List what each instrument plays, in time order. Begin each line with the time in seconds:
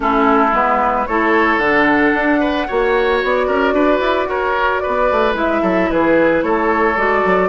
0.00 bassoon A3, clarinet C#4, oboe E4, flute A4
0.52 bassoon G#3, clarinet B3, flute B4
1.06 bassoon A3, clarinet E4, oboe A4, flute C#5
1.58 bassoon D3, clarinet D4, flute F#5
2.14 bassoon D4
2.40 oboe B4
2.67 bassoon A#3, clarinet F#4, oboe C#5
3.23 bassoon B3, flute D5
3.46 bassoon C#4, oboe A#4
3.73 bassoon D4, oboe B4
4.00 bassoon E4
4.26 bassoon F#4, oboe A#4, flute C#5
4.79 oboe B4, flute D5
4.87 bassoon B3
5.11 bassoon A3
5.34 bassoon G#3, clarinet E4, flute E5
5.61 bassoon F#3, oboe A4
5.90 bassoon E3, oboe G#4, flute B4
6.42 bassoon A3, oboe A4, flute C#5
6.96 bassoon G#3, clarinet F#4, flute D5
7.24 bassoon F#3